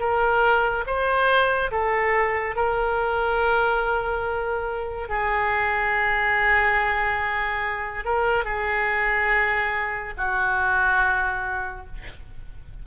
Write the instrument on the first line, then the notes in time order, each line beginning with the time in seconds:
oboe
0.00 A#4
0.87 C5
1.72 A4
2.56 A#4
5.09 G#4
8.05 A#4
8.45 G#4
10.18 F#4